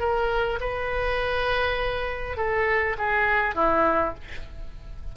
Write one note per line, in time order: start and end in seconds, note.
0.00 0.59 A#4
0.61 2.37 B4
2.37 2.97 A4
2.99 3.55 G#4
3.55 4.15 E4